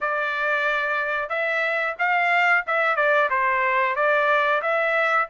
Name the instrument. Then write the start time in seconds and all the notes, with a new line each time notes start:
trumpet
0.01 D5
1.29 E5
1.98 F5
2.66 E5
2.96 D5
3.30 C5
3.95 D5
4.62 E5